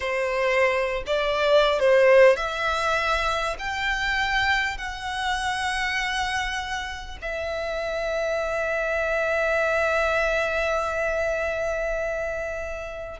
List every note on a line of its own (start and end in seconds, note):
0.00 1.03 C5
1.06 1.79 D5
1.79 2.36 C5
2.36 3.56 E5
3.58 4.77 G5
4.77 7.17 F#5
7.21 13.20 E5